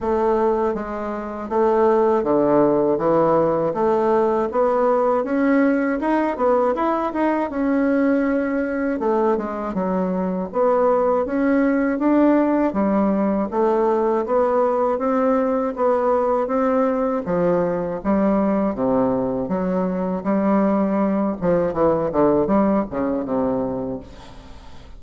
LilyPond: \new Staff \with { instrumentName = "bassoon" } { \time 4/4 \tempo 4 = 80 a4 gis4 a4 d4 | e4 a4 b4 cis'4 | dis'8 b8 e'8 dis'8 cis'2 | a8 gis8 fis4 b4 cis'4 |
d'4 g4 a4 b4 | c'4 b4 c'4 f4 | g4 c4 fis4 g4~ | g8 f8 e8 d8 g8 cis8 c4 | }